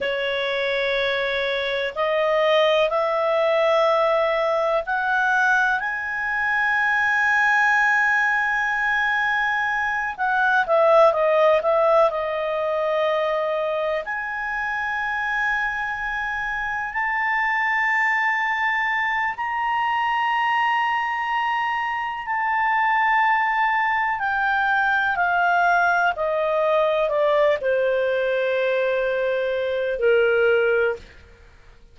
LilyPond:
\new Staff \with { instrumentName = "clarinet" } { \time 4/4 \tempo 4 = 62 cis''2 dis''4 e''4~ | e''4 fis''4 gis''2~ | gis''2~ gis''8 fis''8 e''8 dis''8 | e''8 dis''2 gis''4.~ |
gis''4. a''2~ a''8 | ais''2. a''4~ | a''4 g''4 f''4 dis''4 | d''8 c''2~ c''8 ais'4 | }